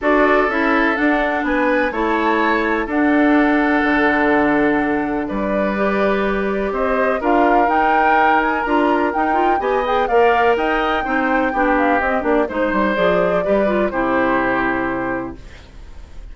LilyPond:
<<
  \new Staff \with { instrumentName = "flute" } { \time 4/4 \tempo 4 = 125 d''4 e''4 fis''4 gis''4 | a''2 fis''2~ | fis''2. d''4~ | d''2 dis''4 f''4 |
g''4. gis''8 ais''4 g''4 | gis''8 g''8 f''4 g''2~ | g''8 f''8 dis''8 d''8 c''4 d''4~ | d''4 c''2. | }
  \new Staff \with { instrumentName = "oboe" } { \time 4/4 a'2. b'4 | cis''2 a'2~ | a'2. b'4~ | b'2 c''4 ais'4~ |
ais'1 | dis''4 d''4 dis''4 c''4 | g'2 c''2 | b'4 g'2. | }
  \new Staff \with { instrumentName = "clarinet" } { \time 4/4 fis'4 e'4 d'2 | e'2 d'2~ | d'1 | g'2. f'4 |
dis'2 f'4 dis'8 f'8 | g'8 gis'8 ais'2 dis'4 | d'4 c'8 d'8 dis'4 gis'4 | g'8 f'8 e'2. | }
  \new Staff \with { instrumentName = "bassoon" } { \time 4/4 d'4 cis'4 d'4 b4 | a2 d'2 | d2. g4~ | g2 c'4 d'4 |
dis'2 d'4 dis'4 | b4 ais4 dis'4 c'4 | b4 c'8 ais8 gis8 g8 f4 | g4 c2. | }
>>